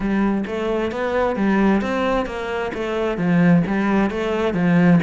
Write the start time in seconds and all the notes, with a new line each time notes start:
0.00 G3
0.46 A3
0.91 B3
1.36 G3
1.81 C4
2.26 A#3
2.74 A3
3.17 F3
3.66 G3
4.10 A3
4.54 F3